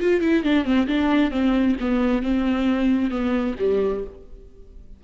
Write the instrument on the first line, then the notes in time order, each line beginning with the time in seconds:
viola
0.00 F4
0.21 E4
0.43 D4
0.64 C4
0.87 D4
1.31 C4
1.80 B3
2.22 C4
3.10 B3
3.59 G3